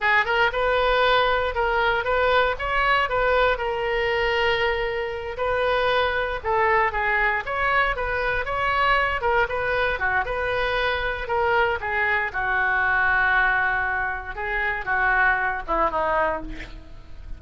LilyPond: \new Staff \with { instrumentName = "oboe" } { \time 4/4 \tempo 4 = 117 gis'8 ais'8 b'2 ais'4 | b'4 cis''4 b'4 ais'4~ | ais'2~ ais'8 b'4.~ | b'8 a'4 gis'4 cis''4 b'8~ |
b'8 cis''4. ais'8 b'4 fis'8 | b'2 ais'4 gis'4 | fis'1 | gis'4 fis'4. e'8 dis'4 | }